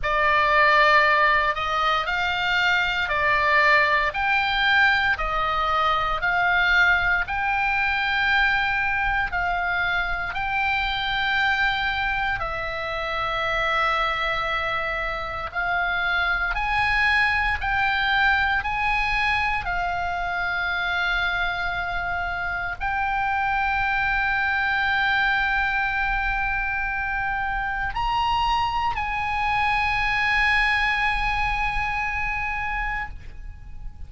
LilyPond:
\new Staff \with { instrumentName = "oboe" } { \time 4/4 \tempo 4 = 58 d''4. dis''8 f''4 d''4 | g''4 dis''4 f''4 g''4~ | g''4 f''4 g''2 | e''2. f''4 |
gis''4 g''4 gis''4 f''4~ | f''2 g''2~ | g''2. ais''4 | gis''1 | }